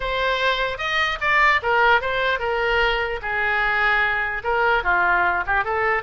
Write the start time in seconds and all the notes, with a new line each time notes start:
0.00 C5
0.78 D#5
1.20 D5
1.62 A#4
2.01 C5
2.39 A#4
3.21 G#4
4.43 A#4
4.83 F4
5.46 G4
5.64 A4